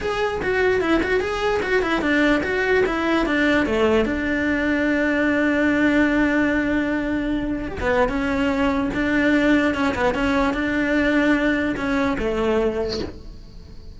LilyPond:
\new Staff \with { instrumentName = "cello" } { \time 4/4 \tempo 4 = 148 gis'4 fis'4 e'8 fis'8 gis'4 | fis'8 e'8 d'4 fis'4 e'4 | d'4 a4 d'2~ | d'1~ |
d'2. g'16 b8. | cis'2 d'2 | cis'8 b8 cis'4 d'2~ | d'4 cis'4 a2 | }